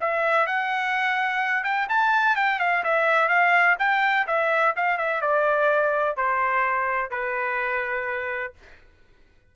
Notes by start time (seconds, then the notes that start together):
0.00 E5
0.46 F#5
1.63 G5
1.89 A5
2.35 G5
2.59 F5
2.83 E5
3.28 F5
3.79 G5
4.26 E5
4.76 F5
4.98 E5
5.21 D5
6.16 C5
7.10 B4